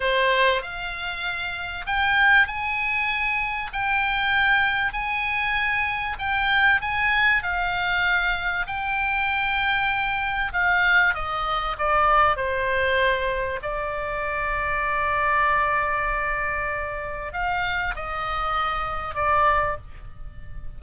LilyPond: \new Staff \with { instrumentName = "oboe" } { \time 4/4 \tempo 4 = 97 c''4 f''2 g''4 | gis''2 g''2 | gis''2 g''4 gis''4 | f''2 g''2~ |
g''4 f''4 dis''4 d''4 | c''2 d''2~ | d''1 | f''4 dis''2 d''4 | }